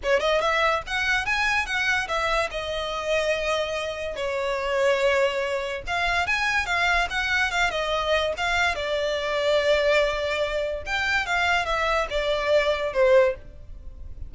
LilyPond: \new Staff \with { instrumentName = "violin" } { \time 4/4 \tempo 4 = 144 cis''8 dis''8 e''4 fis''4 gis''4 | fis''4 e''4 dis''2~ | dis''2 cis''2~ | cis''2 f''4 gis''4 |
f''4 fis''4 f''8 dis''4. | f''4 d''2.~ | d''2 g''4 f''4 | e''4 d''2 c''4 | }